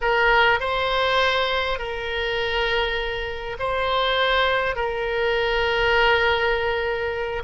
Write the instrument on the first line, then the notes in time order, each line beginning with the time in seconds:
oboe
0.01 A#4
0.59 C5
1.78 A#4
3.59 C5
4.75 A#4